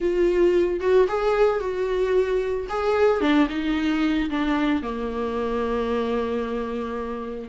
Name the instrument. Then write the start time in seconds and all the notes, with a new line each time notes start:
viola
0.00 F4
0.80 F#4
1.08 G#4
1.59 F#4
2.69 G#4
3.20 D4
3.49 D#4
4.30 D4
4.82 A#3